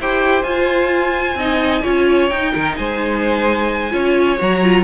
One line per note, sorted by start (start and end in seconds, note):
0.00 0.44 E4
0.00 0.45 G4
0.00 1.39 C5
0.00 0.43 G5
0.43 1.35 F4
0.43 1.38 F4
0.43 2.29 G#5
1.35 1.82 C4
1.35 1.83 D#4
1.35 1.82 D#5
1.82 2.31 C#4
1.82 2.30 F4
1.82 2.52 C#5
2.29 2.54 D#4
2.29 3.90 D#4
2.29 2.76 G5
2.53 2.79 D#3
2.53 2.76 A#4
2.76 3.93 G#3
2.76 3.93 C5
2.76 4.39 G#5
3.90 4.40 C#4
3.90 4.37 F4
3.90 4.84 C#5
4.39 4.84 F#3
4.39 4.62 F#4
4.39 4.84 A#5
4.63 4.84 F4